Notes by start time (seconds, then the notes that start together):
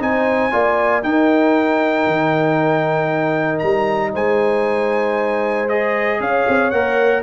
0.00 C4 D#4 C5 G#5
0.52 A#3 F4 D5
1.03 D#4 A#4 G5
2.07 D#3
3.59 G3 A#5
4.13 G#3 C5 G#5
5.69 G#4 D#5
6.20 C#4 C#5 F5
6.48 C4
6.71 A#3 A#4 F#5